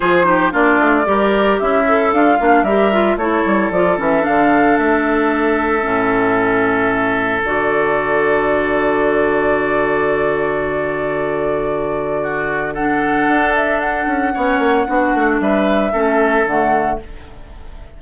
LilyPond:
<<
  \new Staff \with { instrumentName = "flute" } { \time 4/4 \tempo 4 = 113 c''4 d''2 e''4 | f''4 e''4 cis''4 d''8 e''8 | f''4 e''2.~ | e''2 d''2~ |
d''1~ | d''1 | fis''4. e''8 fis''2~ | fis''4 e''2 fis''4 | }
  \new Staff \with { instrumentName = "oboe" } { \time 4/4 gis'8 g'8 f'4 ais'4 e'4 | f'4 ais'4 a'2~ | a'1~ | a'1~ |
a'1~ | a'2. fis'4 | a'2. cis''4 | fis'4 b'4 a'2 | }
  \new Staff \with { instrumentName = "clarinet" } { \time 4/4 f'8 dis'8 d'4 g'4. a'8~ | a'8 d'8 g'8 f'8 e'4 f'8 cis'8 | d'2. cis'4~ | cis'2 fis'2~ |
fis'1~ | fis'1 | d'2. cis'4 | d'2 cis'4 a4 | }
  \new Staff \with { instrumentName = "bassoon" } { \time 4/4 f4 ais8 a8 g4 cis'4 | d'8 ais8 g4 a8 g8 f8 e8 | d4 a2 a,4~ | a,2 d2~ |
d1~ | d1~ | d4 d'4. cis'8 b8 ais8 | b8 a8 g4 a4 d4 | }
>>